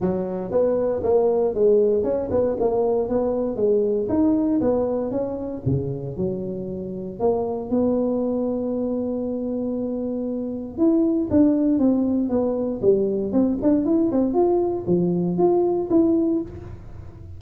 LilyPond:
\new Staff \with { instrumentName = "tuba" } { \time 4/4 \tempo 4 = 117 fis4 b4 ais4 gis4 | cis'8 b8 ais4 b4 gis4 | dis'4 b4 cis'4 cis4 | fis2 ais4 b4~ |
b1~ | b4 e'4 d'4 c'4 | b4 g4 c'8 d'8 e'8 c'8 | f'4 f4 f'4 e'4 | }